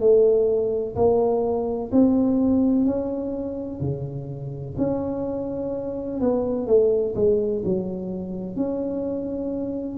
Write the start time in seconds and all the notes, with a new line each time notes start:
0.00 A3
0.96 A#3
1.92 C4
2.86 C#4
3.81 C#3
4.78 C#4
6.20 B3
6.67 A3
7.16 G#3
7.65 F#3
8.56 C#4